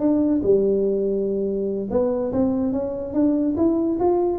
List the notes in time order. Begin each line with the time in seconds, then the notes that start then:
0.00 D4
0.43 G3
1.91 B3
2.33 C4
2.73 C#4
3.14 D4
3.57 E4
4.00 F4